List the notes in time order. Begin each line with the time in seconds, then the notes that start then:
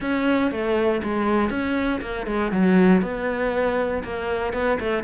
0.00 C#4
0.51 A3
1.03 G#3
1.50 C#4
2.01 A#3
2.26 G#3
2.51 F#3
3.02 B3
4.03 A#3
4.53 B3
4.79 A3